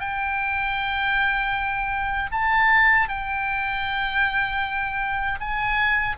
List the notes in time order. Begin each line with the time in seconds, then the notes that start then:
0.00 G5
2.32 A5
3.09 G5
5.40 G#5